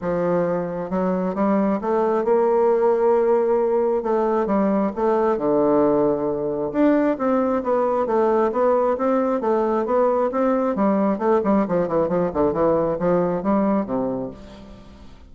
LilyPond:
\new Staff \with { instrumentName = "bassoon" } { \time 4/4 \tempo 4 = 134 f2 fis4 g4 | a4 ais2.~ | ais4 a4 g4 a4 | d2. d'4 |
c'4 b4 a4 b4 | c'4 a4 b4 c'4 | g4 a8 g8 f8 e8 f8 d8 | e4 f4 g4 c4 | }